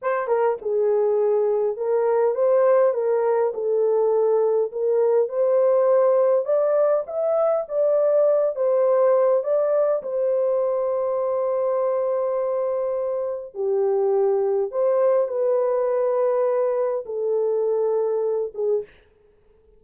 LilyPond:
\new Staff \with { instrumentName = "horn" } { \time 4/4 \tempo 4 = 102 c''8 ais'8 gis'2 ais'4 | c''4 ais'4 a'2 | ais'4 c''2 d''4 | e''4 d''4. c''4. |
d''4 c''2.~ | c''2. g'4~ | g'4 c''4 b'2~ | b'4 a'2~ a'8 gis'8 | }